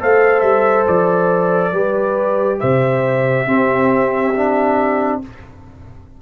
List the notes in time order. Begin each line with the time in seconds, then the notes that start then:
0.00 A3 A4 C5 F5
0.41 G3 E5
0.87 F3 D5
1.72 G3 G4 B4
2.59 C3 C5 E5
3.46 C4 G4
4.35 D4